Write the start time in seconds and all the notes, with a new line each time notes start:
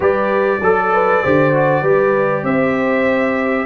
0.00 G3 G4 B4 D5
0.61 F#3 A4
0.93 B4
1.22 D3 G4 C5
1.53 F#4
1.82 G3 G4 B4
2.43 C4 C5 E5